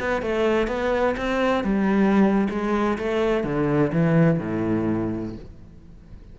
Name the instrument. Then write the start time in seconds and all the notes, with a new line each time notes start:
cello
0.00 B3
0.22 A3
0.68 B3
1.17 C4
1.64 G3
2.50 G#3
2.98 A3
3.44 D3
3.93 E3
4.40 A2